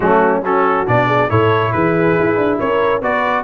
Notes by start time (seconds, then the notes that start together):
0.00 F#3 A3 C#4 F#4
0.44 C#4 F#4 A4
0.86 B2 D4 D5
1.06 G#4
1.29 A2 E4 A4 C#5
1.72 E3 G#4 B4
2.19 E4
2.36 D4
2.59 C#4 A#4 C#5
3.01 B3 F#4 B4 D5